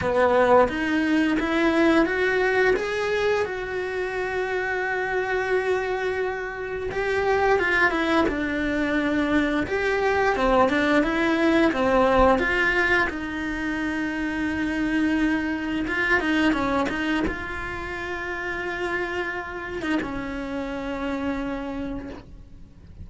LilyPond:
\new Staff \with { instrumentName = "cello" } { \time 4/4 \tempo 4 = 87 b4 dis'4 e'4 fis'4 | gis'4 fis'2.~ | fis'2 g'4 f'8 e'8 | d'2 g'4 c'8 d'8 |
e'4 c'4 f'4 dis'4~ | dis'2. f'8 dis'8 | cis'8 dis'8 f'2.~ | f'8. dis'16 cis'2. | }